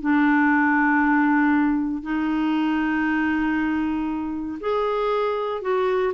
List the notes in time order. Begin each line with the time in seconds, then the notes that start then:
0.00 D4
2.02 D#4
4.60 G#4
5.61 F#4